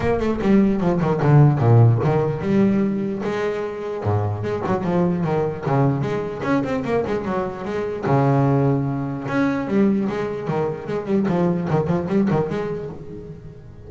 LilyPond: \new Staff \with { instrumentName = "double bass" } { \time 4/4 \tempo 4 = 149 ais8 a8 g4 f8 dis8 d4 | ais,4 dis4 g2 | gis2 gis,4 gis8 fis8 | f4 dis4 cis4 gis4 |
cis'8 c'8 ais8 gis8 fis4 gis4 | cis2. cis'4 | g4 gis4 dis4 gis8 g8 | f4 dis8 f8 g8 dis8 gis4 | }